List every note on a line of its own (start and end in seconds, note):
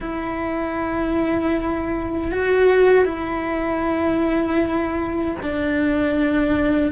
0.00 2.31 E4
2.31 3.04 F#4
3.04 5.35 E4
5.42 6.91 D4